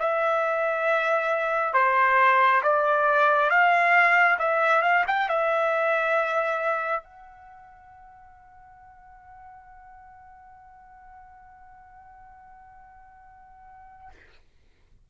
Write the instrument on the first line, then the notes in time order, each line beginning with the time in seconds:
trumpet
0.00 E5
1.74 C5
2.63 D5
3.50 F5
4.39 E5
4.82 F5
5.07 G5
5.29 E5
7.04 F#5